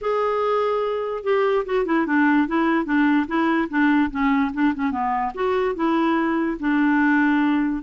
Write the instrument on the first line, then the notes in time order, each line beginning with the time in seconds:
clarinet
0.01 G#4
1.23 G4
1.65 F#4
1.85 E4
2.06 D4
2.47 E4
2.85 D4
3.27 E4
3.69 D4
4.10 C#4
4.53 D4
4.74 C#4
4.91 B3
5.34 F#4
5.75 E4
6.59 D4